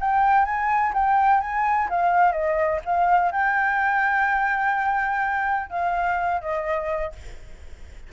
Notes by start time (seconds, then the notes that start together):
0.00 G5
0.45 G#5
0.94 G5
1.41 G#5
1.90 F5
2.32 D#5
2.85 F5
3.32 G5
5.70 F5
6.41 D#5